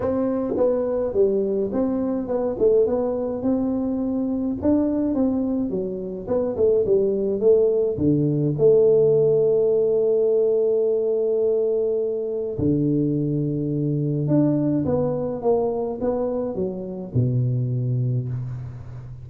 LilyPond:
\new Staff \with { instrumentName = "tuba" } { \time 4/4 \tempo 4 = 105 c'4 b4 g4 c'4 | b8 a8 b4 c'2 | d'4 c'4 fis4 b8 a8 | g4 a4 d4 a4~ |
a1~ | a2 d2~ | d4 d'4 b4 ais4 | b4 fis4 b,2 | }